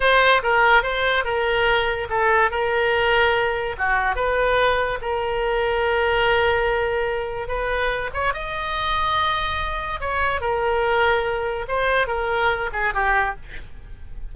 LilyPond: \new Staff \with { instrumentName = "oboe" } { \time 4/4 \tempo 4 = 144 c''4 ais'4 c''4 ais'4~ | ais'4 a'4 ais'2~ | ais'4 fis'4 b'2 | ais'1~ |
ais'2 b'4. cis''8 | dis''1 | cis''4 ais'2. | c''4 ais'4. gis'8 g'4 | }